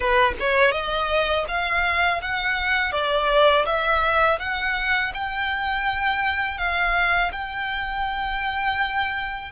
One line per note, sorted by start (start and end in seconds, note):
0.00 0.33 B4
0.40 0.72 C#5
0.72 1.45 D#5
1.48 2.21 F5
2.21 2.92 F#5
2.92 3.65 D5
3.66 4.39 E5
4.39 5.12 F#5
5.14 6.58 G5
6.58 7.31 F5
7.32 9.51 G5